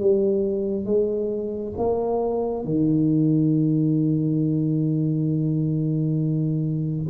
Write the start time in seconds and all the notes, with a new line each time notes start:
0.00 G3
0.85 G#3
1.78 A#3
2.65 D#3